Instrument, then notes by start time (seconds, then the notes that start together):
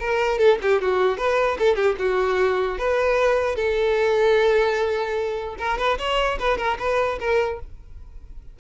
violin
0.00 A#4
0.39 A4
0.63 G4
0.82 F#4
1.18 B4
1.59 A4
1.76 G4
1.99 F#4
2.79 B4
3.56 A4
5.59 A#4
5.79 B4
5.99 C#5
6.40 B4
6.58 A#4
6.79 B4
7.20 A#4